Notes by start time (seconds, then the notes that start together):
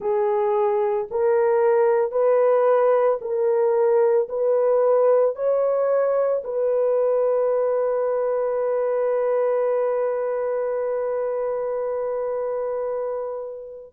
0.00 G#4
1.10 A#4
2.11 B4
3.21 A#4
4.29 B4
5.35 C#5
6.43 B4